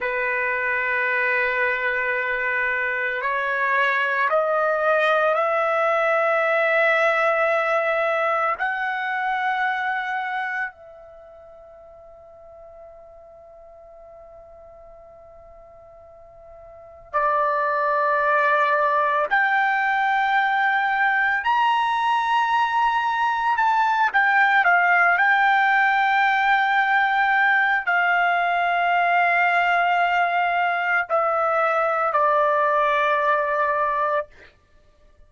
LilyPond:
\new Staff \with { instrumentName = "trumpet" } { \time 4/4 \tempo 4 = 56 b'2. cis''4 | dis''4 e''2. | fis''2 e''2~ | e''1 |
d''2 g''2 | ais''2 a''8 g''8 f''8 g''8~ | g''2 f''2~ | f''4 e''4 d''2 | }